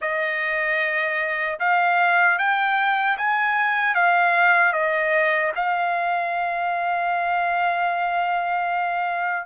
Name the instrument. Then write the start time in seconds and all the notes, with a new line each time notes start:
trumpet
0.01 D#5
1.59 F5
2.38 G5
3.17 G#5
3.94 F5
4.73 D#5
5.55 F5